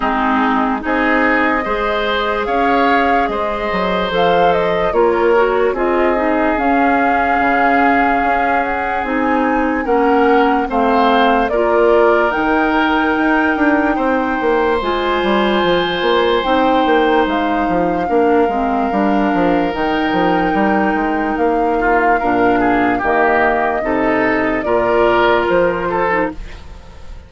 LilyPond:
<<
  \new Staff \with { instrumentName = "flute" } { \time 4/4 \tempo 4 = 73 gis'4 dis''2 f''4 | dis''4 f''8 dis''8 cis''4 dis''4 | f''2~ f''8 fis''8 gis''4 | fis''4 f''4 d''4 g''4~ |
g''2 gis''2 | g''4 f''2. | g''2 f''2 | dis''2 d''4 c''4 | }
  \new Staff \with { instrumentName = "oboe" } { \time 4/4 dis'4 gis'4 c''4 cis''4 | c''2 ais'4 gis'4~ | gis'1 | ais'4 c''4 ais'2~ |
ais'4 c''2.~ | c''2 ais'2~ | ais'2~ ais'8 f'8 ais'8 gis'8 | g'4 a'4 ais'4. a'8 | }
  \new Staff \with { instrumentName = "clarinet" } { \time 4/4 c'4 dis'4 gis'2~ | gis'4 a'4 f'8 fis'8 f'8 dis'8 | cis'2. dis'4 | cis'4 c'4 f'4 dis'4~ |
dis'2 f'2 | dis'2 d'8 c'8 d'4 | dis'2. d'4 | ais4 dis'4 f'4.~ f'16 dis'16 | }
  \new Staff \with { instrumentName = "bassoon" } { \time 4/4 gis4 c'4 gis4 cis'4 | gis8 fis8 f4 ais4 c'4 | cis'4 cis4 cis'4 c'4 | ais4 a4 ais4 dis4 |
dis'8 d'8 c'8 ais8 gis8 g8 f8 ais8 | c'8 ais8 gis8 f8 ais8 gis8 g8 f8 | dis8 f8 g8 gis8 ais4 ais,4 | dis4 c4 ais,4 f4 | }
>>